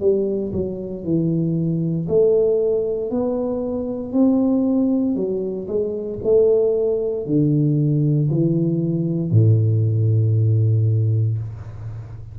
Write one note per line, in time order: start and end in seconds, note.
0.00 0.52 G3
0.52 1.03 F#3
1.03 2.07 E3
2.08 3.10 A3
3.10 4.12 B3
4.12 5.15 C4
5.15 5.67 F#3
5.67 6.19 G#3
6.23 7.26 A3
7.26 8.29 D3
8.30 9.31 E3
9.31 11.38 A2